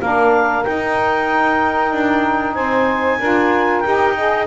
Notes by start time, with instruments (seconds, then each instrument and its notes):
0.00 double bass A#3, saxophone D4 A#4, clarinet F5
0.64 saxophone D#4, double bass D#4, clarinet G5
1.92 double bass D4
2.54 double bass C4, saxophone C5, clarinet G#5
3.19 double bass D4, saxophone F4 A#4
3.80 double bass D#4, saxophone G4, clarinet G5
4.16 saxophone G#4 D#5